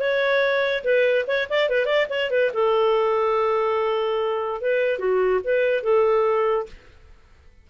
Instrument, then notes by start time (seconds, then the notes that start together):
clarinet
0.00 C#5
0.84 B4
1.27 C#5
1.49 D5
1.69 B4
1.86 D5
2.09 C#5
2.30 B4
2.53 A4
4.61 B4
4.99 F#4
5.44 B4
5.83 A4